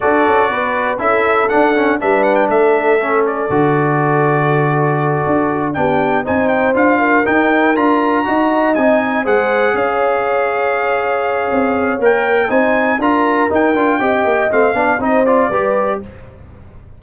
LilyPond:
<<
  \new Staff \with { instrumentName = "trumpet" } { \time 4/4 \tempo 4 = 120 d''2 e''4 fis''4 | e''8 fis''16 g''16 e''4. d''4.~ | d''2.~ d''8 g''8~ | g''8 gis''8 g''8 f''4 g''4 ais''8~ |
ais''4. gis''4 fis''4 f''8~ | f''1 | g''4 gis''4 ais''4 g''4~ | g''4 f''4 dis''8 d''4. | }
  \new Staff \with { instrumentName = "horn" } { \time 4/4 a'4 b'4 a'2 | b'4 a'2.~ | a'2.~ a'8 g'8~ | g'8 c''4. ais'2~ |
ais'8 dis''2 c''4 cis''8~ | cis''1~ | cis''4 c''4 ais'2 | dis''4. d''8 c''4 b'4 | }
  \new Staff \with { instrumentName = "trombone" } { \time 4/4 fis'2 e'4 d'8 cis'8 | d'2 cis'4 fis'4~ | fis'2.~ fis'8 d'8~ | d'8 dis'4 f'4 dis'4 f'8~ |
f'8 fis'4 dis'4 gis'4.~ | gis'1 | ais'4 dis'4 f'4 dis'8 f'8 | g'4 c'8 d'8 dis'8 f'8 g'4 | }
  \new Staff \with { instrumentName = "tuba" } { \time 4/4 d'8 cis'8 b4 cis'4 d'4 | g4 a2 d4~ | d2~ d8 d'4 b8~ | b8 c'4 d'4 dis'4 d'8~ |
d'8 dis'4 c'4 gis4 cis'8~ | cis'2. c'4 | ais4 c'4 d'4 dis'8 d'8 | c'8 ais8 a8 b8 c'4 g4 | }
>>